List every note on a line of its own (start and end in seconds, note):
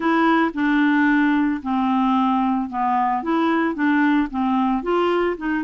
0.00 0.51 E4
0.54 1.61 D4
1.62 2.69 C4
2.69 3.22 B3
3.22 3.74 E4
3.74 4.28 D4
4.30 4.82 C4
4.82 5.36 F4
5.37 5.63 D#4